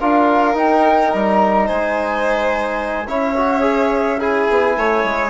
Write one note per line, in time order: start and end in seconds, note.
0.00 0.56 D4
0.00 0.54 F4
0.00 1.67 A#4
0.00 0.57 F5
0.54 3.07 D#4
0.54 1.12 D#4
0.54 1.12 G5
1.12 1.70 G3
1.12 1.68 A#5
1.67 3.08 G#3
1.67 3.07 C5
1.67 3.09 G#5
3.08 4.48 C#4
3.08 3.36 E4
3.08 4.20 C#5
3.08 4.20 E5
3.37 3.62 F#4
3.62 4.18 G#4
4.20 5.31 E4
4.20 4.76 G#4
4.20 5.31 G#5
4.50 4.77 B3
4.77 5.04 A3
4.77 5.31 C#5
5.04 5.31 G#3